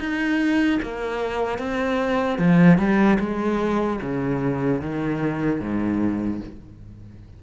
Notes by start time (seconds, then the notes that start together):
0.00 D#4
0.83 A#3
1.59 C4
2.39 F3
2.78 G3
3.20 G#3
4.02 C#3
4.81 D#3
5.61 G#2